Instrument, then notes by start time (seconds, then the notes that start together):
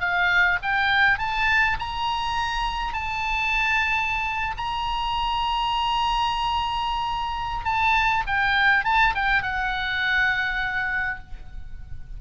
oboe
0.00 F5
0.63 G5
1.18 A5
1.79 A#5
2.93 A5
4.57 A#5
7.65 A5
8.27 G5
8.85 A5
9.15 G5
9.43 F#5